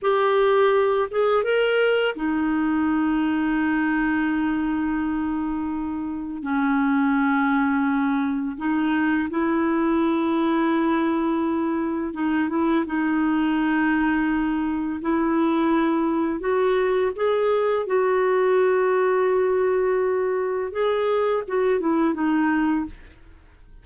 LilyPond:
\new Staff \with { instrumentName = "clarinet" } { \time 4/4 \tempo 4 = 84 g'4. gis'8 ais'4 dis'4~ | dis'1~ | dis'4 cis'2. | dis'4 e'2.~ |
e'4 dis'8 e'8 dis'2~ | dis'4 e'2 fis'4 | gis'4 fis'2.~ | fis'4 gis'4 fis'8 e'8 dis'4 | }